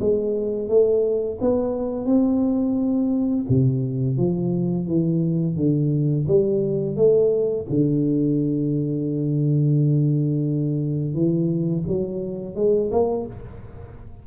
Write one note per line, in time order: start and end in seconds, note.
0.00 0.68 G#3
0.68 1.38 A3
1.41 2.05 B3
2.05 3.45 C4
3.49 4.17 C3
4.17 4.87 F3
4.87 5.56 E3
5.56 6.26 D3
6.27 6.96 G3
6.96 7.66 A3
7.69 11.14 D3
11.14 11.84 E3
11.88 12.55 F#3
12.55 12.90 G#3
12.91 13.26 A#3